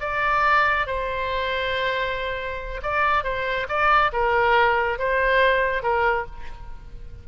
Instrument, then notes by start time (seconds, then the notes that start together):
oboe
0.00 D5
0.87 C5
2.83 D5
3.24 C5
3.68 D5
4.12 A#4
4.99 C5
5.83 A#4